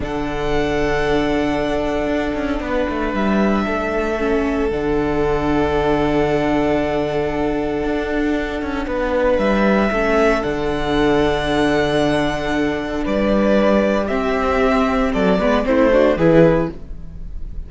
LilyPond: <<
  \new Staff \with { instrumentName = "violin" } { \time 4/4 \tempo 4 = 115 fis''1~ | fis''2 e''2~ | e''4 fis''2.~ | fis''1~ |
fis''2 e''2 | fis''1~ | fis''4 d''2 e''4~ | e''4 d''4 c''4 b'4 | }
  \new Staff \with { instrumentName = "violin" } { \time 4/4 a'1~ | a'4 b'2 a'4~ | a'1~ | a'1~ |
a'4 b'2 a'4~ | a'1~ | a'4 b'2 g'4~ | g'4 a'8 b'8 e'8 fis'8 gis'4 | }
  \new Staff \with { instrumentName = "viola" } { \time 4/4 d'1~ | d'1 | cis'4 d'2.~ | d'1~ |
d'2. cis'4 | d'1~ | d'2. c'4~ | c'4. b8 c'8 d'8 e'4 | }
  \new Staff \with { instrumentName = "cello" } { \time 4/4 d1 | d'8 cis'8 b8 a8 g4 a4~ | a4 d2.~ | d2. d'4~ |
d'8 cis'8 b4 g4 a4 | d1~ | d4 g2 c'4~ | c'4 fis8 gis8 a4 e4 | }
>>